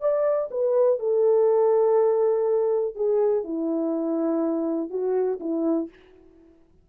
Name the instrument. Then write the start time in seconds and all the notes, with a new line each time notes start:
horn
0.00 D5
0.51 B4
0.99 A4
2.95 G#4
3.44 E4
4.90 F#4
5.40 E4